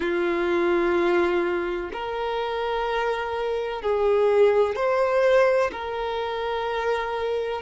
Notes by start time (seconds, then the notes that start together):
0.00 F4
1.92 A#4
3.82 G#4
4.75 C5
5.71 A#4